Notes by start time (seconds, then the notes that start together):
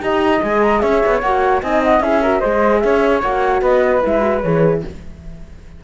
0.00 D#4 G4 D#5 A#5
0.41 G#3 G#4 G#5
0.62 A#5
0.79 C#4 C#5 E5
1.05 B3
1.20 A#3 F#4 F#5
1.62 C4 D#4 D#5 G#5
1.83 F#5
2.00 C#4 E4 G#4 E5
2.22 F#4 A#4
2.39 G#3 G#4 C5 D#5
2.80 C#4 C#5 E5
3.22 A#3 F#4 F#5
3.61 B3 B4 D#5
4.02 G#3 E4 E5
4.20 F#4
4.41 E3 G#4 C#5